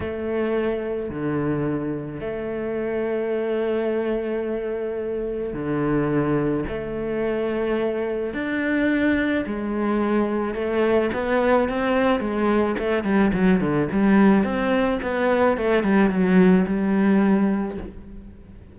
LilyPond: \new Staff \with { instrumentName = "cello" } { \time 4/4 \tempo 4 = 108 a2 d2 | a1~ | a2 d2 | a2. d'4~ |
d'4 gis2 a4 | b4 c'4 gis4 a8 g8 | fis8 d8 g4 c'4 b4 | a8 g8 fis4 g2 | }